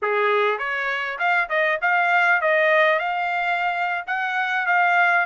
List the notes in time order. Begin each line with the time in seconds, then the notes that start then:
0.02 G#4
0.58 C#5
1.18 F5
1.49 D#5
1.81 F5
2.41 D#5
2.99 F5
4.06 F#5
4.66 F5